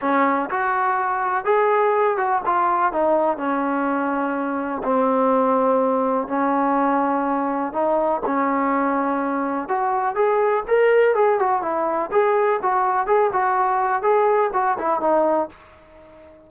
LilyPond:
\new Staff \with { instrumentName = "trombone" } { \time 4/4 \tempo 4 = 124 cis'4 fis'2 gis'4~ | gis'8 fis'8 f'4 dis'4 cis'4~ | cis'2 c'2~ | c'4 cis'2. |
dis'4 cis'2. | fis'4 gis'4 ais'4 gis'8 fis'8 | e'4 gis'4 fis'4 gis'8 fis'8~ | fis'4 gis'4 fis'8 e'8 dis'4 | }